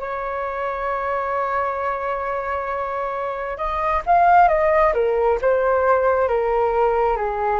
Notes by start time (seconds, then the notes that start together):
0.00 C#5
3.58 D#5
4.06 F5
4.48 D#5
4.94 A#4
5.42 C5
6.28 A#4
7.17 G#4